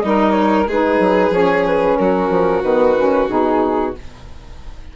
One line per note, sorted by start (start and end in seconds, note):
0.00 0.67 G3
0.00 0.68 D#4
0.00 0.71 A#4
0.00 0.31 D#5
0.31 0.64 C#5
0.67 1.00 G#3
0.67 1.31 D#4
0.67 1.98 G#4
0.67 1.34 B4
1.00 1.30 F#3
1.30 1.95 F3
1.30 2.62 C#4
1.30 1.66 C#5
1.66 1.98 B4
1.98 2.30 F#3
1.98 3.96 F#4
1.98 2.63 A#4
2.30 2.63 F3
2.63 3.28 D#3
2.63 2.96 B3
2.63 3.28 B4
2.98 3.29 C#4
3.29 3.95 B2
3.29 3.95 D#4
3.29 3.95 G#4